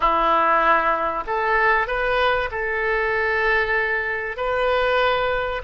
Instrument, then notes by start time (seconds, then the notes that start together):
oboe
0.00 E4
1.27 A4
1.87 B4
2.51 A4
4.37 B4